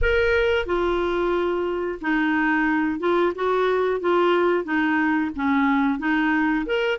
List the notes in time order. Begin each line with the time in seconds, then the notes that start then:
0.01 A#4
0.65 F4
2.01 D#4
2.99 F4
3.35 F#4
4.00 F4
4.64 D#4
5.35 C#4
5.98 D#4
6.65 A#4